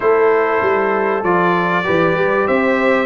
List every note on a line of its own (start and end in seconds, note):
0.00 0.61 A3
0.00 1.23 E4
0.00 1.85 A4
0.00 1.23 C5
0.61 1.23 G3
1.23 1.85 F3
1.23 1.84 F4
1.23 2.47 D5
1.84 2.14 E3
1.84 3.06 G4
1.84 2.47 B4
2.14 2.45 G3
2.47 3.06 C4
2.47 3.06 C5
2.47 3.06 E5